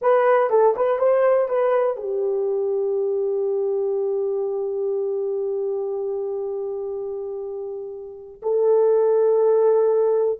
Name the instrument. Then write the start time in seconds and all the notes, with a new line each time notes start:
horn
0.01 B4
0.50 A4
0.76 B4
0.98 C5
1.48 B4
1.96 G4
8.42 A4